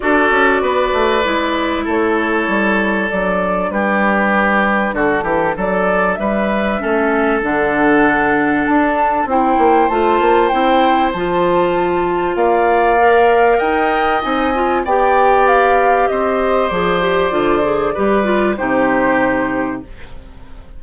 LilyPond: <<
  \new Staff \with { instrumentName = "flute" } { \time 4/4 \tempo 4 = 97 d''2. cis''4~ | cis''4 d''4 b'2 | a'4 d''4 e''2 | fis''2 a''4 g''4 |
a''4 g''4 a''2 | f''2 g''4 gis''4 | g''4 f''4 dis''4 d''4~ | d''2 c''2 | }
  \new Staff \with { instrumentName = "oboe" } { \time 4/4 a'4 b'2 a'4~ | a'2 g'2 | fis'8 g'8 a'4 b'4 a'4~ | a'2. c''4~ |
c''1 | d''2 dis''2 | d''2 c''2~ | c''4 b'4 g'2 | }
  \new Staff \with { instrumentName = "clarinet" } { \time 4/4 fis'2 e'2~ | e'4 d'2.~ | d'2. cis'4 | d'2. e'4 |
f'4 e'4 f'2~ | f'4 ais'2 dis'8 f'8 | g'2. gis'8 g'8 | f'8 gis'8 g'8 f'8 dis'2 | }
  \new Staff \with { instrumentName = "bassoon" } { \time 4/4 d'8 cis'8 b8 a8 gis4 a4 | g4 fis4 g2 | d8 e8 fis4 g4 a4 | d2 d'4 c'8 ais8 |
a8 ais8 c'4 f2 | ais2 dis'4 c'4 | b2 c'4 f4 | d4 g4 c2 | }
>>